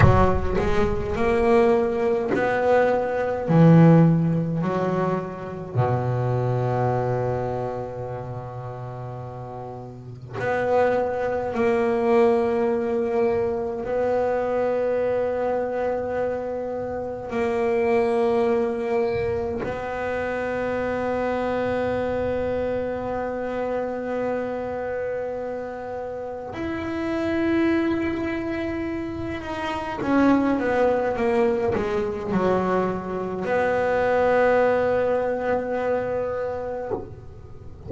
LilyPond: \new Staff \with { instrumentName = "double bass" } { \time 4/4 \tempo 4 = 52 fis8 gis8 ais4 b4 e4 | fis4 b,2.~ | b,4 b4 ais2 | b2. ais4~ |
ais4 b2.~ | b2. e'4~ | e'4. dis'8 cis'8 b8 ais8 gis8 | fis4 b2. | }